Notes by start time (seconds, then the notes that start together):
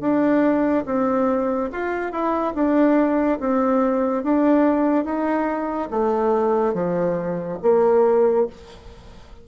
0.00 D4
0.85 C4
1.72 F4
2.12 E4
2.54 D4
3.40 C4
4.23 D4
5.04 D#4
5.90 A3
6.73 F3
7.62 A#3